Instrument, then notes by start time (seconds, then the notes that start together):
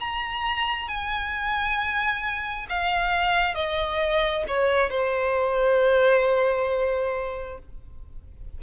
violin
0.00 A#5
0.88 G#5
2.69 F5
3.55 D#5
4.48 C#5
4.90 C5